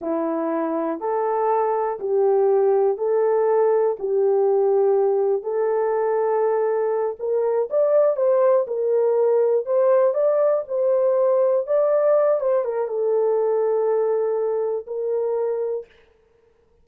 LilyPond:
\new Staff \with { instrumentName = "horn" } { \time 4/4 \tempo 4 = 121 e'2 a'2 | g'2 a'2 | g'2. a'4~ | a'2~ a'8 ais'4 d''8~ |
d''8 c''4 ais'2 c''8~ | c''8 d''4 c''2 d''8~ | d''4 c''8 ais'8 a'2~ | a'2 ais'2 | }